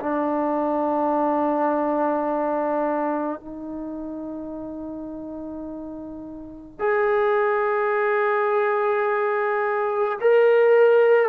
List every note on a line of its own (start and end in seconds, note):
0.00 3.40 D4
3.40 6.79 D#4
6.79 10.19 G#4
10.21 11.29 A#4